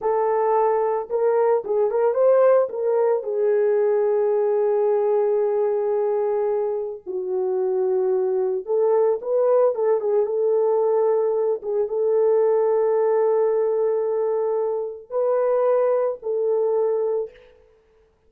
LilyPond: \new Staff \with { instrumentName = "horn" } { \time 4/4 \tempo 4 = 111 a'2 ais'4 gis'8 ais'8 | c''4 ais'4 gis'2~ | gis'1~ | gis'4 fis'2. |
a'4 b'4 a'8 gis'8 a'4~ | a'4. gis'8 a'2~ | a'1 | b'2 a'2 | }